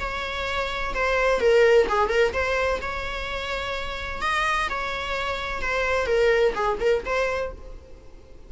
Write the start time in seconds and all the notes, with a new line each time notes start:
0.00 C#5
0.94 C5
1.40 A#4
1.89 G#4
2.09 A#4
2.33 C5
2.82 C#5
4.22 D#5
4.70 C#5
5.62 C5
6.07 A#4
6.55 G#4
6.80 A#4
7.05 C5